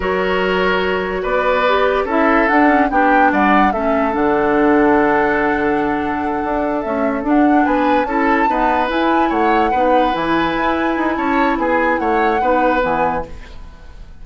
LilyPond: <<
  \new Staff \with { instrumentName = "flute" } { \time 4/4 \tempo 4 = 145 cis''2. d''4~ | d''4 e''4 fis''4 g''4 | fis''4 e''4 fis''2~ | fis''1~ |
fis''8 e''4 fis''4 gis''4 a''8~ | a''4. gis''4 fis''4.~ | fis''8 gis''2~ gis''8 a''4 | gis''4 fis''2 gis''4 | }
  \new Staff \with { instrumentName = "oboe" } { \time 4/4 ais'2. b'4~ | b'4 a'2 g'4 | d''4 a'2.~ | a'1~ |
a'2~ a'8 b'4 a'8~ | a'8 b'2 cis''4 b'8~ | b'2. cis''4 | gis'4 cis''4 b'2 | }
  \new Staff \with { instrumentName = "clarinet" } { \time 4/4 fis'1 | g'4 e'4 d'8 cis'8 d'4~ | d'4 cis'4 d'2~ | d'1~ |
d'8 a4 d'2 e'8~ | e'8 b4 e'2 dis'8~ | dis'8 e'2.~ e'8~ | e'2 dis'4 b4 | }
  \new Staff \with { instrumentName = "bassoon" } { \time 4/4 fis2. b4~ | b4 cis'4 d'4 b4 | g4 a4 d2~ | d2.~ d8 d'8~ |
d'8 cis'4 d'4 b4 cis'8~ | cis'8 dis'4 e'4 a4 b8~ | b8 e4 e'4 dis'8 cis'4 | b4 a4 b4 e4 | }
>>